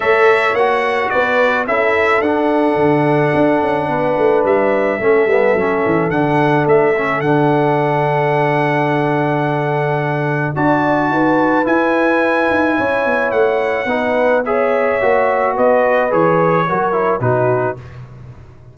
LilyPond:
<<
  \new Staff \with { instrumentName = "trumpet" } { \time 4/4 \tempo 4 = 108 e''4 fis''4 d''4 e''4 | fis''1 | e''2. fis''4 | e''4 fis''2.~ |
fis''2. a''4~ | a''4 gis''2. | fis''2 e''2 | dis''4 cis''2 b'4 | }
  \new Staff \with { instrumentName = "horn" } { \time 4/4 cis''2 b'4 a'4~ | a'2. b'4~ | b'4 a'2.~ | a'1~ |
a'2. d''4 | b'2. cis''4~ | cis''4 b'4 cis''2 | b'2 ais'4 fis'4 | }
  \new Staff \with { instrumentName = "trombone" } { \time 4/4 a'4 fis'2 e'4 | d'1~ | d'4 cis'8 b8 cis'4 d'4~ | d'8 cis'8 d'2.~ |
d'2. fis'4~ | fis'4 e'2.~ | e'4 dis'4 gis'4 fis'4~ | fis'4 gis'4 fis'8 e'8 dis'4 | }
  \new Staff \with { instrumentName = "tuba" } { \time 4/4 a4 ais4 b4 cis'4 | d'4 d4 d'8 cis'8 b8 a8 | g4 a8 g8 fis8 e8 d4 | a4 d2.~ |
d2. d'4 | dis'4 e'4. dis'8 cis'8 b8 | a4 b2 ais4 | b4 e4 fis4 b,4 | }
>>